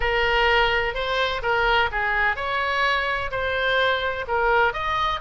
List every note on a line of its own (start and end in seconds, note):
0.00 0.94 A#4
0.94 1.41 C5
1.42 1.89 A#4
1.91 2.36 G#4
2.36 3.30 C#5
3.31 4.25 C5
4.27 4.73 A#4
4.73 5.20 D#5